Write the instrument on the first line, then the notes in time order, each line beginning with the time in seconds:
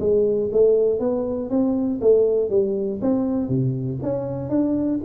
tuba
0.00 G#3
0.52 A3
1.00 B3
1.50 C4
2.01 A3
2.50 G3
3.02 C4
3.49 C3
4.03 C#4
4.50 D4